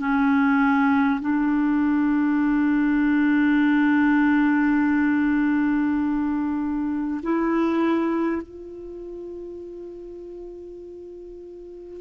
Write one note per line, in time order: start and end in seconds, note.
0.00 1.20 C#4
1.21 7.21 D4
7.23 8.42 E4
8.42 12.01 F4